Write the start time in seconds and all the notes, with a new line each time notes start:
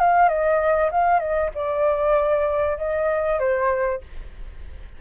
0.00 F5
0.29 D#5
0.91 F5
1.19 D#5
1.55 D5
2.78 D#5
3.39 C5